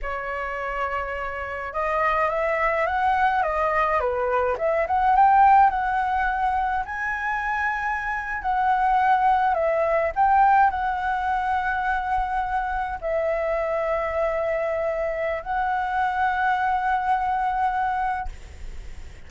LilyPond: \new Staff \with { instrumentName = "flute" } { \time 4/4 \tempo 4 = 105 cis''2. dis''4 | e''4 fis''4 dis''4 b'4 | e''8 fis''8 g''4 fis''2 | gis''2~ gis''8. fis''4~ fis''16~ |
fis''8. e''4 g''4 fis''4~ fis''16~ | fis''2~ fis''8. e''4~ e''16~ | e''2. fis''4~ | fis''1 | }